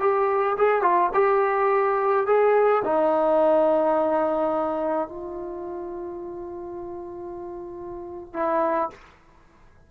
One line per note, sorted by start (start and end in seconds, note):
0.00 0.57 G4
0.58 0.82 G#4
0.82 1.10 F4
1.14 2.27 G4
2.27 2.84 G#4
2.85 5.08 D#4
5.08 8.34 F4
8.34 8.90 E4